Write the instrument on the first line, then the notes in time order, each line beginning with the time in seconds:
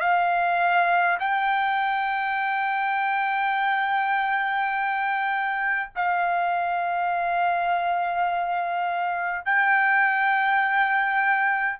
trumpet
0.00 F5
1.19 G5
5.95 F5
9.45 G5